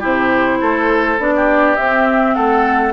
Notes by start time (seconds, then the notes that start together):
0.00 C3 E4 G4 C5
0.61 A3 A4
1.19 B3 D4 D5
1.36 G4
1.76 C4 E5
2.35 A3 A4 F#5